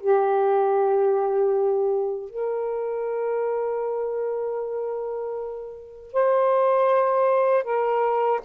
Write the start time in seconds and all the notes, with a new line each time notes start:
0.00 G4
2.29 A#4
6.13 C5
7.63 A#4